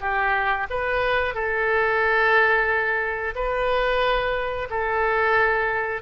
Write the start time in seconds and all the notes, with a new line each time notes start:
0.00 G4
0.70 B4
1.34 A4
3.35 B4
4.70 A4